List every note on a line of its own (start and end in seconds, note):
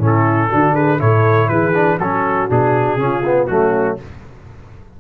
0.00 0.50 A2
0.00 0.51 C#4
0.00 0.50 E4
0.06 0.76 A4
0.50 1.01 D3
0.50 0.99 D4
0.50 0.74 F#4
0.74 0.99 G#4
0.74 1.00 B4
0.99 1.50 A2
0.99 1.74 E4
0.99 1.50 A4
0.99 1.49 C#5
1.49 1.99 E3
1.49 2.00 G#4
1.49 1.99 B4
1.74 1.99 D4
1.99 2.49 F#3
1.99 2.49 C#4
1.99 3.02 F#4
1.99 2.50 A4
2.49 2.97 B2
2.49 2.99 D4
2.49 3.47 G#4
2.97 3.47 C#3
2.97 3.24 C#4
2.97 3.51 F4
3.25 3.49 B3
3.47 3.99 F#3
3.47 3.99 A3
3.47 4.01 C#4
3.47 3.97 F#4